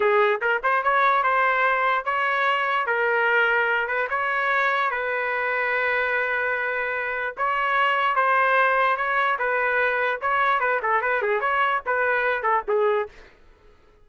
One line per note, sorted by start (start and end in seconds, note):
0.00 0.40 G#4
0.41 0.61 A#4
0.63 0.83 C5
0.83 1.23 C#5
1.23 2.04 C5
2.04 2.86 C#5
2.86 3.87 A#4
3.87 4.08 B4
4.09 4.90 C#5
4.90 7.35 B4
7.37 8.15 C#5
8.15 8.96 C5
8.96 9.37 C#5
9.38 10.20 B4
10.21 10.60 C#5
10.60 10.80 B4
10.82 11.01 A4
11.01 11.22 B4
11.22 11.40 G#4
11.40 11.81 C#5
11.86 12.42 B4
12.42 12.63 A4
12.68 13.08 G#4